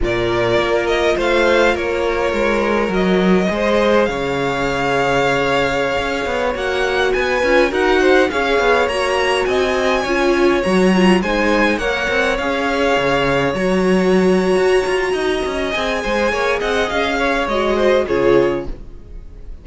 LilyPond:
<<
  \new Staff \with { instrumentName = "violin" } { \time 4/4 \tempo 4 = 103 d''4. dis''8 f''4 cis''4~ | cis''4 dis''2 f''4~ | f''2.~ f''16 fis''8.~ | fis''16 gis''4 fis''4 f''4 ais''8.~ |
ais''16 gis''2 ais''4 gis''8.~ | gis''16 fis''4 f''2 ais''8.~ | ais''2. gis''4~ | gis''8 fis''8 f''4 dis''4 cis''4 | }
  \new Staff \with { instrumentName = "violin" } { \time 4/4 ais'2 c''4 ais'4~ | ais'2 c''4 cis''4~ | cis''1~ | cis''16 b'4 ais'8 c''8 cis''4.~ cis''16~ |
cis''16 dis''4 cis''2 c''8.~ | c''16 cis''2.~ cis''8.~ | cis''2 dis''4. c''8 | cis''8 dis''4 cis''4 c''8 gis'4 | }
  \new Staff \with { instrumentName = "viola" } { \time 4/4 f'1~ | f'4 fis'4 gis'2~ | gis'2.~ gis'16 fis'8.~ | fis'8. f'8 fis'4 gis'4 fis'8.~ |
fis'4~ fis'16 f'4 fis'8 f'8 dis'8.~ | dis'16 ais'4 gis'2 fis'8.~ | fis'2. gis'4~ | gis'2 fis'4 f'4 | }
  \new Staff \with { instrumentName = "cello" } { \time 4/4 ais,4 ais4 a4 ais4 | gis4 fis4 gis4 cis4~ | cis2~ cis16 cis'8 b8 ais8.~ | ais16 b8 cis'8 dis'4 cis'8 b8 ais8.~ |
ais16 c'4 cis'4 fis4 gis8.~ | gis16 ais8 c'8 cis'4 cis4 fis8.~ | fis4 fis'8 f'8 dis'8 cis'8 c'8 gis8 | ais8 c'8 cis'4 gis4 cis4 | }
>>